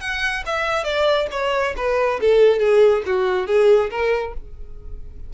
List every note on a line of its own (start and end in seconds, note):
0.00 0.43 F#5
0.46 0.84 E5
0.84 1.27 D5
1.31 1.74 C#5
1.77 2.20 B4
2.20 2.59 A4
2.59 3.02 G#4
3.05 3.46 F#4
3.46 3.90 G#4
3.90 4.33 A#4